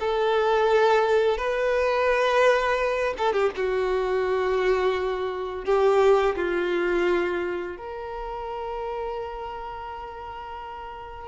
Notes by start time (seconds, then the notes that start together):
0.00 A4
1.37 B4
3.18 A4
3.33 G4
3.56 F#4
5.65 G4
6.36 F4
7.77 A#4